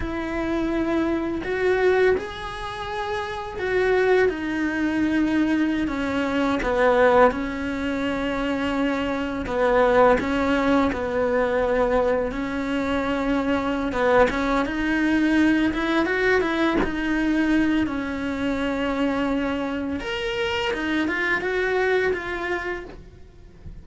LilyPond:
\new Staff \with { instrumentName = "cello" } { \time 4/4 \tempo 4 = 84 e'2 fis'4 gis'4~ | gis'4 fis'4 dis'2~ | dis'16 cis'4 b4 cis'4.~ cis'16~ | cis'4~ cis'16 b4 cis'4 b8.~ |
b4~ b16 cis'2~ cis'16 b8 | cis'8 dis'4. e'8 fis'8 e'8 dis'8~ | dis'4 cis'2. | ais'4 dis'8 f'8 fis'4 f'4 | }